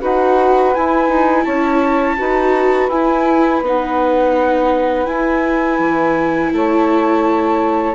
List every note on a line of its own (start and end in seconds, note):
0.00 0.75 D#4
0.00 0.73 F#4
0.00 1.44 B4
0.00 0.74 F#5
0.74 2.17 E4
0.74 1.09 E4
0.74 1.44 G#5
1.09 1.45 D#4
1.44 2.19 C#4
1.44 2.16 C#5
1.44 2.88 A5
2.17 2.89 D#4
2.17 2.89 F#4
2.17 6.52 B4
2.89 3.61 E4
2.89 3.64 E4
2.89 3.62 G#5
3.62 5.06 B3
3.62 5.05 D#4
3.62 5.06 F#5
5.05 7.94 E4
5.05 5.79 E4
5.05 6.51 G#5
5.79 6.52 E3
6.52 7.95 A3
6.52 7.95 C#5
6.52 7.95 A5